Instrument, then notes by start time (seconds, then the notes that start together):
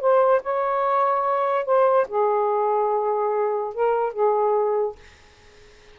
saxophone
0.00 C5
0.42 C#5
1.65 C5
2.08 G#4
3.74 A#4
4.13 G#4